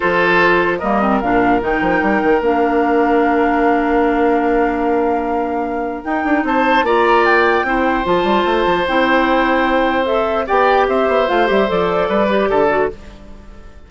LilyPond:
<<
  \new Staff \with { instrumentName = "flute" } { \time 4/4 \tempo 4 = 149 c''2 dis''4 f''4 | g''2 f''2~ | f''1~ | f''2. g''4 |
a''4 ais''4 g''2 | a''2 g''2~ | g''4 e''4 g''4 e''4 | f''8 e''8 d''2. | }
  \new Staff \with { instrumentName = "oboe" } { \time 4/4 a'2 ais'2~ | ais'1~ | ais'1~ | ais'1 |
c''4 d''2 c''4~ | c''1~ | c''2 d''4 c''4~ | c''2 b'4 a'4 | }
  \new Staff \with { instrumentName = "clarinet" } { \time 4/4 f'2 ais8 c'8 d'4 | dis'2 d'2~ | d'1~ | d'2. dis'4~ |
dis'4 f'2 e'4 | f'2 e'2~ | e'4 a'4 g'2 | f'8 g'8 a'4. g'4 fis'8 | }
  \new Staff \with { instrumentName = "bassoon" } { \time 4/4 f2 g4 ais,4 | dis8 f8 g8 dis8 ais2~ | ais1~ | ais2. dis'8 d'8 |
c'4 ais2 c'4 | f8 g8 a8 f8 c'2~ | c'2 b4 c'8 b8 | a8 g8 f4 g4 d4 | }
>>